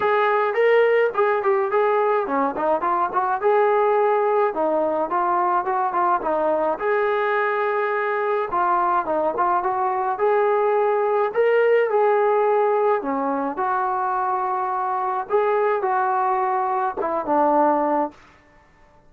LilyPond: \new Staff \with { instrumentName = "trombone" } { \time 4/4 \tempo 4 = 106 gis'4 ais'4 gis'8 g'8 gis'4 | cis'8 dis'8 f'8 fis'8 gis'2 | dis'4 f'4 fis'8 f'8 dis'4 | gis'2. f'4 |
dis'8 f'8 fis'4 gis'2 | ais'4 gis'2 cis'4 | fis'2. gis'4 | fis'2 e'8 d'4. | }